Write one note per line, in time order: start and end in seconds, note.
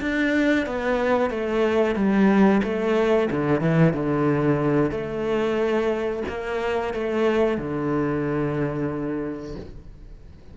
0.00 0.66 D4
0.66 1.30 B3
1.30 1.95 A3
1.95 2.61 G3
2.63 3.29 A3
3.30 3.60 D3
3.60 3.93 E3
3.93 4.91 D3
4.91 6.22 A3
6.28 6.94 A#3
6.94 7.57 A3
7.57 9.55 D3